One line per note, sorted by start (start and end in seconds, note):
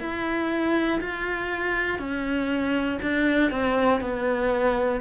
0.00 1.00 E4
1.01 1.99 F4
1.99 2.99 C#4
3.02 3.50 D4
3.50 4.00 C4
4.01 5.00 B3